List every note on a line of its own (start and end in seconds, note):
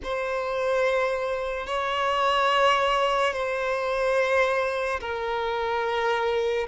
0.03 1.67 C5
1.67 3.33 C#5
3.33 5.00 C5
5.00 6.67 A#4